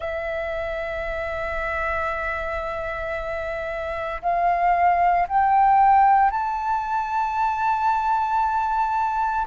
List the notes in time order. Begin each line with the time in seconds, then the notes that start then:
0.00 E5
4.22 F5
5.27 G5
6.31 A5